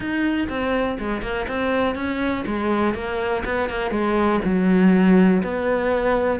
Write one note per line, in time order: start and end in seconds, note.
0.00 0.48 D#4
0.48 0.97 C4
0.98 1.21 G#3
1.21 1.46 A#3
1.48 1.95 C4
1.95 2.44 C#4
2.46 2.94 G#3
2.94 3.43 A#3
3.44 3.69 B3
3.69 3.90 A#3
3.90 4.39 G#3
4.44 5.43 F#3
5.43 6.40 B3